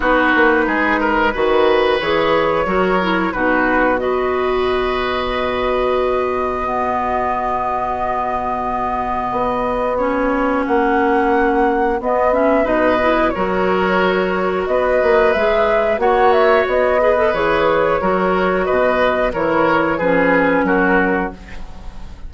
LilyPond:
<<
  \new Staff \with { instrumentName = "flute" } { \time 4/4 \tempo 4 = 90 b'2. cis''4~ | cis''4 b'4 dis''2~ | dis''1~ | dis''2. cis''4 |
fis''2 dis''8 e''8 dis''4 | cis''2 dis''4 e''4 | fis''8 e''8 dis''4 cis''2 | dis''4 cis''4 b'4 ais'4 | }
  \new Staff \with { instrumentName = "oboe" } { \time 4/4 fis'4 gis'8 ais'8 b'2 | ais'4 fis'4 b'2~ | b'2 fis'2~ | fis'1~ |
fis'2. b'4 | ais'2 b'2 | cis''4. b'4. ais'4 | b'4 ais'4 gis'4 fis'4 | }
  \new Staff \with { instrumentName = "clarinet" } { \time 4/4 dis'2 fis'4 gis'4 | fis'8 e'8 dis'4 fis'2~ | fis'2 b2~ | b2. cis'4~ |
cis'2 b8 cis'8 dis'8 e'8 | fis'2. gis'4 | fis'4. gis'16 a'16 gis'4 fis'4~ | fis'4 e'4 cis'2 | }
  \new Staff \with { instrumentName = "bassoon" } { \time 4/4 b8 ais8 gis4 dis4 e4 | fis4 b,2.~ | b,1~ | b,2 b2 |
ais2 b4 b,4 | fis2 b8 ais8 gis4 | ais4 b4 e4 fis4 | b,4 e4 f4 fis4 | }
>>